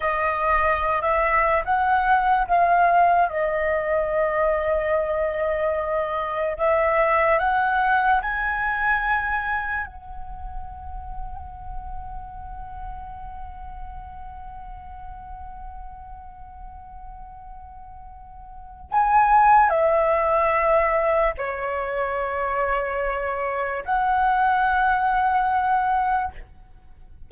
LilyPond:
\new Staff \with { instrumentName = "flute" } { \time 4/4 \tempo 4 = 73 dis''4~ dis''16 e''8. fis''4 f''4 | dis''1 | e''4 fis''4 gis''2 | fis''1~ |
fis''1~ | fis''2. gis''4 | e''2 cis''2~ | cis''4 fis''2. | }